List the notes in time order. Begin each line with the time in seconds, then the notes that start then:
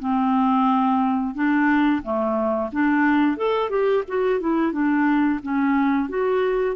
0.00 C4
1.35 D4
2.03 A3
2.72 D4
3.38 A4
3.70 G4
4.08 F#4
4.40 E4
4.73 D4
5.43 C#4
6.09 F#4